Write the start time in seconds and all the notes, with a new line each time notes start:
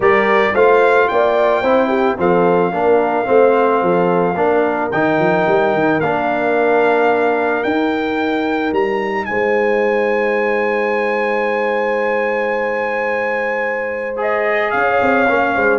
0.00 G3 G4 A#4 D5
0.53 A3 F4 C5 F5
1.07 A#3 D5 G5
1.61 C4 E4 C5
1.88 G4
2.18 F3 C4 A4 F5
2.72 A#3 D4 A#4
3.25 A3 C4 C5
3.82 F3 A4
4.35 A#3 D4 A#4
4.91 D#3 D#4 G5
5.19 F3
5.47 G3
5.74 D#3
5.99 A#3 D4 F5
7.63 D#4 G5
8.71 G3 A#5
9.25 G#3 C5 G#5
14.16 G#4 D#5
14.70 C#4 C#5 F5
15.01 C4
15.27 A#3 C#4
15.55 G#3 C5